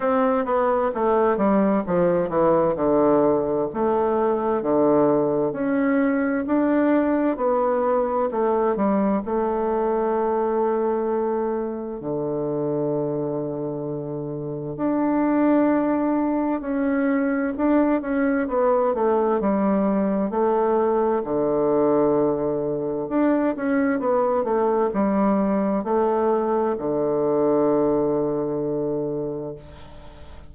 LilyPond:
\new Staff \with { instrumentName = "bassoon" } { \time 4/4 \tempo 4 = 65 c'8 b8 a8 g8 f8 e8 d4 | a4 d4 cis'4 d'4 | b4 a8 g8 a2~ | a4 d2. |
d'2 cis'4 d'8 cis'8 | b8 a8 g4 a4 d4~ | d4 d'8 cis'8 b8 a8 g4 | a4 d2. | }